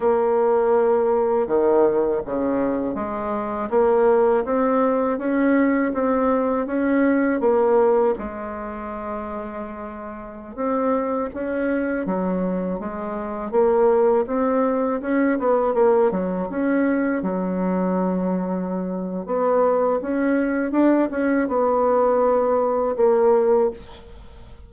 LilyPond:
\new Staff \with { instrumentName = "bassoon" } { \time 4/4 \tempo 4 = 81 ais2 dis4 cis4 | gis4 ais4 c'4 cis'4 | c'4 cis'4 ais4 gis4~ | gis2~ gis16 c'4 cis'8.~ |
cis'16 fis4 gis4 ais4 c'8.~ | c'16 cis'8 b8 ais8 fis8 cis'4 fis8.~ | fis2 b4 cis'4 | d'8 cis'8 b2 ais4 | }